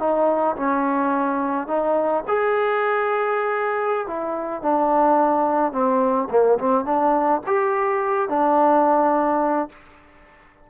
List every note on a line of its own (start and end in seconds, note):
0.00 0.56 D#4
0.57 1.68 C#4
1.68 2.24 D#4
2.28 4.08 G#4
4.08 4.63 E4
4.63 5.73 D4
5.73 6.29 C4
6.31 6.59 A#3
6.59 6.86 C4
6.86 7.42 D4
7.47 8.30 G4
8.30 9.70 D4